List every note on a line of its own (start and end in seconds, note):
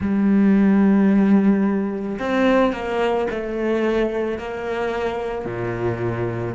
0.00 2.18 G3
2.19 2.73 C4
2.73 3.27 A#3
3.30 4.38 A3
4.38 5.45 A#3
5.45 6.54 A#2